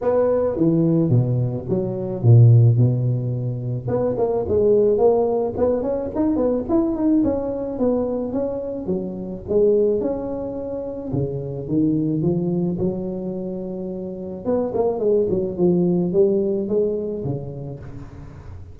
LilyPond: \new Staff \with { instrumentName = "tuba" } { \time 4/4 \tempo 4 = 108 b4 e4 b,4 fis4 | ais,4 b,2 b8 ais8 | gis4 ais4 b8 cis'8 dis'8 b8 | e'8 dis'8 cis'4 b4 cis'4 |
fis4 gis4 cis'2 | cis4 dis4 f4 fis4~ | fis2 b8 ais8 gis8 fis8 | f4 g4 gis4 cis4 | }